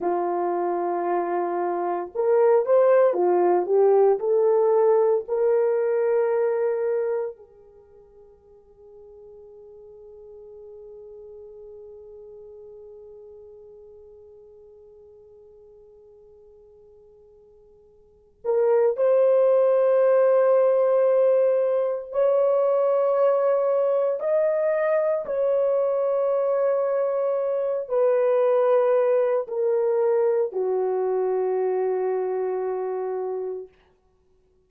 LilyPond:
\new Staff \with { instrumentName = "horn" } { \time 4/4 \tempo 4 = 57 f'2 ais'8 c''8 f'8 g'8 | a'4 ais'2 gis'4~ | gis'1~ | gis'1~ |
gis'4. ais'8 c''2~ | c''4 cis''2 dis''4 | cis''2~ cis''8 b'4. | ais'4 fis'2. | }